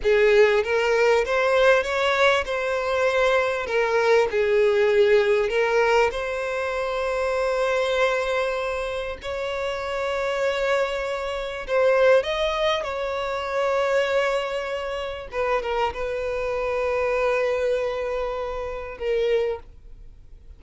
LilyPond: \new Staff \with { instrumentName = "violin" } { \time 4/4 \tempo 4 = 98 gis'4 ais'4 c''4 cis''4 | c''2 ais'4 gis'4~ | gis'4 ais'4 c''2~ | c''2. cis''4~ |
cis''2. c''4 | dis''4 cis''2.~ | cis''4 b'8 ais'8 b'2~ | b'2. ais'4 | }